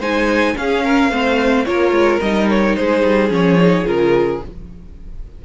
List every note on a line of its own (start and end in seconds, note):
0.00 0.55 G#3
0.00 0.56 D#4
0.00 0.55 C5
0.00 0.57 G#5
0.56 1.11 C#4
0.56 1.10 C#4
0.56 0.85 G#4
0.56 1.65 F5
0.85 1.11 A#4
1.10 1.65 A3
1.10 1.66 C4
1.10 1.66 C5
1.65 1.92 A#3
1.65 2.21 F4
1.65 2.79 A#4
1.65 2.21 C#5
1.92 2.19 G#3
2.22 2.77 G3
2.22 3.30 D#4
2.22 2.49 D#5
2.50 2.76 C#5
2.76 3.04 G#3
2.76 4.45 G#4
2.76 3.31 C5
3.04 3.30 G3
3.30 3.85 F3
3.30 3.57 C#4
3.30 3.87 C#5
3.60 3.85 D#4
3.85 4.41 C#3
3.85 4.40 F4
3.85 4.42 A#4